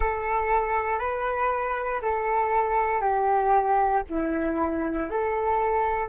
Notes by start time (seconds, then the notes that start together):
0.00 A4
0.99 B4
2.02 A4
3.01 G4
4.09 E4
5.09 A4